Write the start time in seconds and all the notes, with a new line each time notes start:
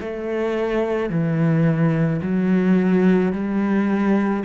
0.00 A3
1.10 E3
2.22 F#3
3.32 G3